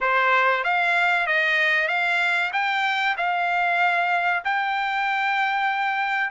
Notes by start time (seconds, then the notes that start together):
0.01 C5
0.63 F5
1.27 D#5
1.88 F5
2.53 G5
3.17 F5
4.44 G5